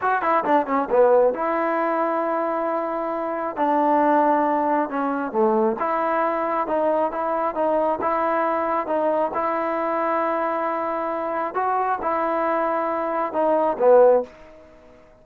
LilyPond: \new Staff \with { instrumentName = "trombone" } { \time 4/4 \tempo 4 = 135 fis'8 e'8 d'8 cis'8 b4 e'4~ | e'1 | d'2. cis'4 | a4 e'2 dis'4 |
e'4 dis'4 e'2 | dis'4 e'2.~ | e'2 fis'4 e'4~ | e'2 dis'4 b4 | }